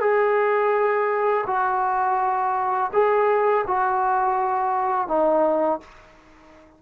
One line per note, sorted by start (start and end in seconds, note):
0.00 1.45 G#4
1.47 2.91 F#4
2.93 3.65 G#4
3.67 5.08 F#4
5.08 5.80 D#4